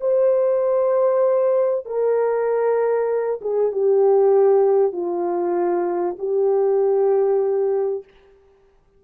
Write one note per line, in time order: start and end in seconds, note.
0.00 1.85 C5
1.85 3.40 A#4
3.41 3.72 G#4
3.72 4.92 G4
4.92 6.16 F4
6.18 8.04 G4